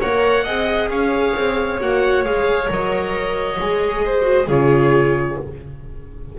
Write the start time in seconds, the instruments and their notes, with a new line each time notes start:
0.00 double bass A#3, viola A#4, violin C#5, oboe F#5
0.44 double bass C4, viola G#4, violin D#5
0.89 double bass C#4, violin C#5, oboe F5
1.36 double bass C4
1.81 double bass A#3, viola F#4, oboe F#5
2.24 double bass G#3, viola G#4, oboe F5
2.67 double bass F#3, viola A#4, oboe D#5
3.60 double bass G#3, viola G#4
4.05 violin C5
4.22 viola F#4
4.48 double bass C#3, viola F4, violin G#4, oboe C#5